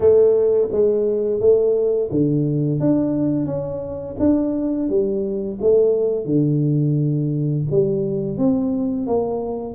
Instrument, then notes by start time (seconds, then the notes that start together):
tuba
0.00 A3
0.71 G#3
1.40 A3
2.11 D3
2.80 D4
3.46 C#4
4.19 D4
4.89 G3
5.61 A3
6.25 D3
7.71 G3
8.37 C4
9.06 A#3